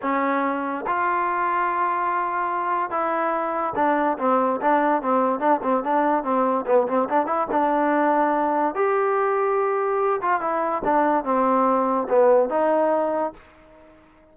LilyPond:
\new Staff \with { instrumentName = "trombone" } { \time 4/4 \tempo 4 = 144 cis'2 f'2~ | f'2. e'4~ | e'4 d'4 c'4 d'4 | c'4 d'8 c'8 d'4 c'4 |
b8 c'8 d'8 e'8 d'2~ | d'4 g'2.~ | g'8 f'8 e'4 d'4 c'4~ | c'4 b4 dis'2 | }